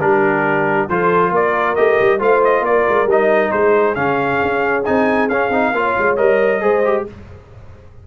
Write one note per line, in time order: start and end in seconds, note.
0.00 0.88 G3
0.00 0.89 D4
0.00 0.89 G4
0.00 0.89 A#4
0.89 1.32 F3
0.89 1.77 F4
0.89 1.32 A4
0.89 1.33 C5
1.32 1.76 A#3
1.32 2.19 A#4
1.32 1.75 D5
1.75 2.00 A3
1.75 2.19 G4
1.75 2.20 D#5
2.01 2.20 G3
2.19 2.61 A3
2.19 3.08 F4
2.19 2.63 C5
2.19 2.44 F5
2.44 2.65 D#5
2.61 2.83 A#3
2.61 3.51 A#4
2.61 3.09 D5
2.89 3.06 G#3
3.06 3.50 G3
3.06 3.96 D#4
3.06 3.51 D#5
3.51 3.97 G#3
3.51 5.75 G#4
3.51 3.95 C5
3.95 4.41 C#3
3.95 4.84 C#4
3.95 4.84 F5
4.43 4.87 C#4
4.85 5.29 C4
4.85 5.30 D#4
4.85 5.29 G#5
5.29 5.50 C#4
5.29 5.52 C#4
5.29 6.16 F5
5.50 5.72 C4
5.50 5.74 D#4
5.72 5.94 A#3
5.72 6.17 F4
5.72 6.62 C#5
5.98 6.19 G#3
6.16 6.63 G3
6.16 6.61 A#4
6.16 7.04 D#5
6.61 7.07 G#3
6.61 6.83 G#4
6.61 7.06 C5
6.85 7.07 G4